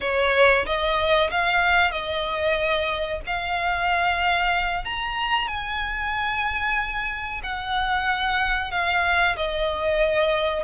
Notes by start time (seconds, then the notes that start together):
0.01 C#5
0.66 D#5
1.30 F5
1.91 D#5
3.26 F5
4.84 A#5
5.47 G#5
7.43 F#5
8.71 F5
9.36 D#5